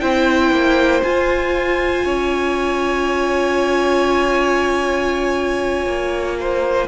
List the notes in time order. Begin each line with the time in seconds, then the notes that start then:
0.00 C4 E4 C5 G5
0.51 A#3
1.03 F4 G#5
2.05 C#4 C#5
5.87 A#3
6.40 C5